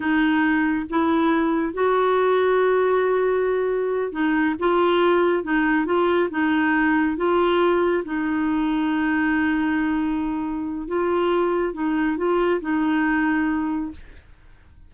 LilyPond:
\new Staff \with { instrumentName = "clarinet" } { \time 4/4 \tempo 4 = 138 dis'2 e'2 | fis'1~ | fis'4. dis'4 f'4.~ | f'8 dis'4 f'4 dis'4.~ |
dis'8 f'2 dis'4.~ | dis'1~ | dis'4 f'2 dis'4 | f'4 dis'2. | }